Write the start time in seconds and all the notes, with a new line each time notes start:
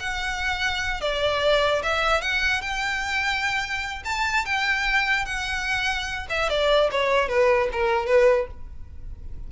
0.00 F#5
1.01 D5
1.83 E5
2.21 F#5
2.61 G5
4.05 A5
4.46 G5
5.26 F#5
6.30 E5
6.50 D5
6.91 C#5
7.29 B4
7.73 A#4
8.07 B4